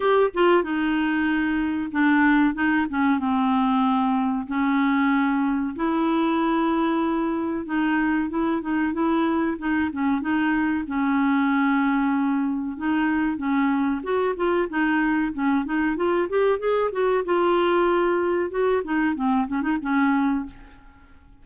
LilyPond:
\new Staff \with { instrumentName = "clarinet" } { \time 4/4 \tempo 4 = 94 g'8 f'8 dis'2 d'4 | dis'8 cis'8 c'2 cis'4~ | cis'4 e'2. | dis'4 e'8 dis'8 e'4 dis'8 cis'8 |
dis'4 cis'2. | dis'4 cis'4 fis'8 f'8 dis'4 | cis'8 dis'8 f'8 g'8 gis'8 fis'8 f'4~ | f'4 fis'8 dis'8 c'8 cis'16 dis'16 cis'4 | }